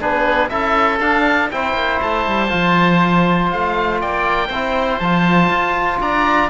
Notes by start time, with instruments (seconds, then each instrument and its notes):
0.00 cello B3, trombone D4, oboe G#4 B4
0.49 cello C#4, trombone E4, oboe A4 E5
1.00 cello D4, trombone D4, oboe F5
1.51 cello C4, trombone E4, oboe C5 G5
1.74 cello A#3
2.02 cello A3, oboe A5
2.27 cello G3
2.49 cello F3, trombone F4
3.51 cello A3, oboe F5
4.01 cello A#3, oboe D5 G5
4.48 cello C4, trombone E4, oboe C5
4.99 cello F3, trombone F4, oboe A5
5.50 cello F4
6.00 cello D4, oboe D5 A#5